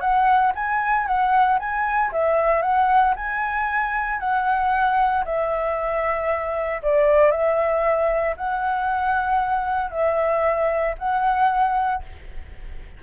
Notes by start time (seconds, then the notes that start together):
0.00 F#5
0.55 G#5
1.06 F#5
1.59 G#5
2.12 E5
2.62 F#5
3.16 G#5
4.19 F#5
5.25 E5
6.82 D5
7.31 E5
8.36 F#5
9.90 E5
10.98 F#5